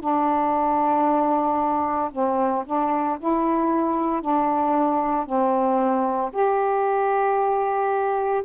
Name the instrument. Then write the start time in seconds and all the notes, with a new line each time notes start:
saxophone
0.00 D4
2.12 C4
2.66 D4
3.19 E4
4.22 D4
5.26 C4
6.33 G4